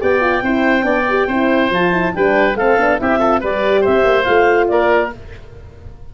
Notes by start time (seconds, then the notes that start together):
0.00 B3 G4 D5 G5
0.21 F4
0.42 C4 E4 C5
0.83 B3 D4 D5
1.09 G4
1.27 C4 E4 C5
1.70 F3 F4 A5
1.92 E4
2.14 G3 D4 B4 G5
2.55 A3 C4 A4 F5
2.78 B3 D4
2.99 C4 E4 G4 E5
3.19 F4 A4
3.41 G3 G4 B4 D5
3.81 C5 E5
3.87 C4
4.04 A#3
4.24 A3 F4 F5
4.67 A#3 A#4 D5